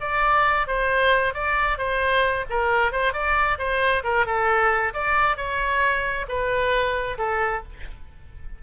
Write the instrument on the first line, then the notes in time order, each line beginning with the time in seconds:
oboe
0.00 D5
0.67 C5
1.34 D5
1.78 C5
2.49 A#4
2.92 C5
3.13 D5
3.58 C5
4.04 A#4
4.26 A4
4.93 D5
5.36 C#5
6.28 B4
7.18 A4